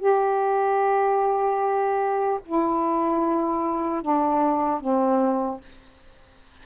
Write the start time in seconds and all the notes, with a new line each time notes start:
0.00 G4
2.46 E4
4.02 D4
4.81 C4